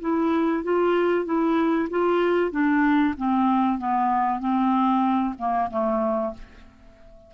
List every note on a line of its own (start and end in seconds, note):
0.00 0.63 E4
0.63 1.25 F4
1.25 1.88 E4
1.89 2.51 F4
2.51 3.14 D4
3.17 3.78 C4
3.78 4.39 B3
4.39 5.34 C4
5.38 5.69 A#3
5.70 6.33 A3